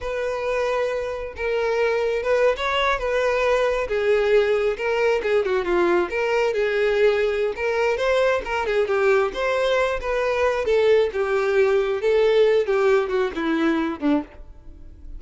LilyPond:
\new Staff \with { instrumentName = "violin" } { \time 4/4 \tempo 4 = 135 b'2. ais'4~ | ais'4 b'8. cis''4 b'4~ b'16~ | b'8. gis'2 ais'4 gis'16~ | gis'16 fis'8 f'4 ais'4 gis'4~ gis'16~ |
gis'4 ais'4 c''4 ais'8 gis'8 | g'4 c''4. b'4. | a'4 g'2 a'4~ | a'8 g'4 fis'8 e'4. d'8 | }